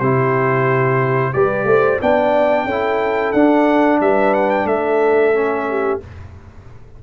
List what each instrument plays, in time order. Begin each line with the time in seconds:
0.00 tuba C3, trombone E4, horn G4, trumpet C5
1.34 tuba G3, trombone G4, horn B4, trumpet D5
1.65 tuba A3, horn C5
2.02 tuba B3, trombone D4, horn D5, trumpet G5
2.66 tuba C#4, trombone E4, horn A4
3.33 tuba D4, trombone D4, trumpet F#5
4.01 tuba G3, horn B4, trumpet E5
4.34 trumpet F#5
4.51 trumpet G5
4.65 tuba A3, horn A4, trumpet E5
5.34 trombone C#4
5.70 horn G4